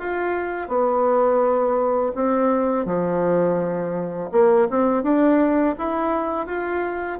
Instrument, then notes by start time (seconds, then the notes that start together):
bassoon
0.00 F4
0.69 B3
2.15 C4
2.86 F3
4.32 A#3
4.71 C4
5.03 D4
5.79 E4
6.47 F4